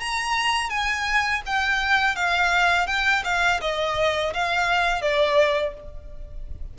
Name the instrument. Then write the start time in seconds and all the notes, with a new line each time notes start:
violin
0.00 A#5
0.70 G#5
1.46 G5
2.16 F5
2.87 G5
3.24 F5
3.61 D#5
4.34 F5
5.01 D5